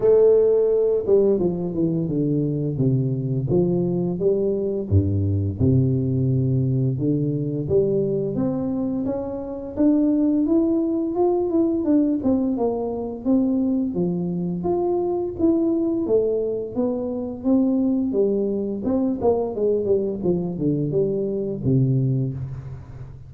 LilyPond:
\new Staff \with { instrumentName = "tuba" } { \time 4/4 \tempo 4 = 86 a4. g8 f8 e8 d4 | c4 f4 g4 g,4 | c2 d4 g4 | c'4 cis'4 d'4 e'4 |
f'8 e'8 d'8 c'8 ais4 c'4 | f4 f'4 e'4 a4 | b4 c'4 g4 c'8 ais8 | gis8 g8 f8 d8 g4 c4 | }